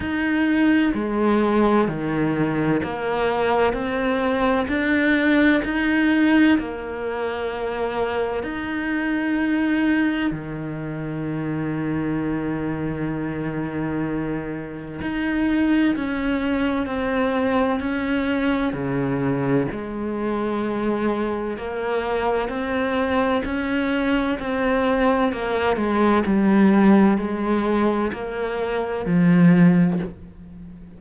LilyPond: \new Staff \with { instrumentName = "cello" } { \time 4/4 \tempo 4 = 64 dis'4 gis4 dis4 ais4 | c'4 d'4 dis'4 ais4~ | ais4 dis'2 dis4~ | dis1 |
dis'4 cis'4 c'4 cis'4 | cis4 gis2 ais4 | c'4 cis'4 c'4 ais8 gis8 | g4 gis4 ais4 f4 | }